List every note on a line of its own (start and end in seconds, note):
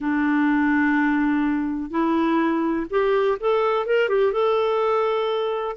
0.00 1.90 D4
1.90 2.86 E4
2.89 3.37 G4
3.39 3.86 A4
3.86 4.08 A#4
4.08 4.32 G4
4.32 5.76 A4